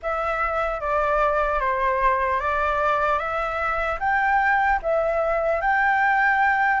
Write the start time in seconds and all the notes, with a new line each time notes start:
0.02 E5
0.80 D5
1.60 C5
2.40 D5
3.19 E5
3.99 G5
4.82 E5
5.61 G5